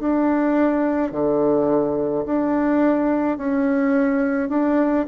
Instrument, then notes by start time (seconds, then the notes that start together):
bassoon
0.00 D4
1.12 D3
2.26 D4
3.38 C#4
4.50 D4